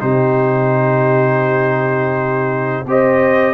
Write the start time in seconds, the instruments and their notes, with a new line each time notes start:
0.00 tuba C3, trombone D#4, horn G4, trumpet C5
2.86 tuba C4, trombone G4, horn C5, trumpet D#5